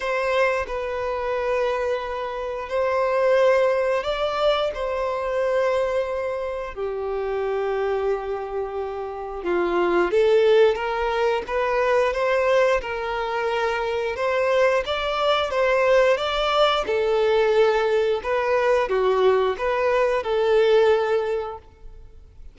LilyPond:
\new Staff \with { instrumentName = "violin" } { \time 4/4 \tempo 4 = 89 c''4 b'2. | c''2 d''4 c''4~ | c''2 g'2~ | g'2 f'4 a'4 |
ais'4 b'4 c''4 ais'4~ | ais'4 c''4 d''4 c''4 | d''4 a'2 b'4 | fis'4 b'4 a'2 | }